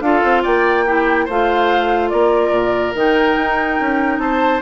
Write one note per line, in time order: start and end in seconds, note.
0.00 0.21 D4
0.00 0.87 F4
0.00 0.43 A4
0.00 0.43 F5
0.24 0.45 C4
0.43 1.28 A#3
0.43 0.85 D5
0.43 1.28 G5
0.86 1.29 E4
0.86 1.25 G4
1.25 2.12 A3
1.25 2.95 F4
1.25 2.09 C5
1.25 2.09 F5
2.09 2.51 A#3
2.09 4.21 A#4
2.09 2.93 D5
2.51 2.92 A#2
2.94 3.36 D#3
2.94 4.62 D#4
2.94 4.19 G5
3.36 3.78 D#4
3.80 4.18 C#4
4.18 4.60 C4
4.18 4.62 C5
4.18 4.61 A5